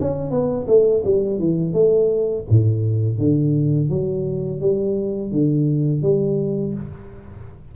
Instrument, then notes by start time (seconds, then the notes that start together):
tuba
0.00 C#4
0.30 B3
0.67 A3
1.05 G3
1.39 E3
1.73 A3
2.50 A2
3.18 D3
3.89 F#3
4.60 G3
5.31 D3
6.02 G3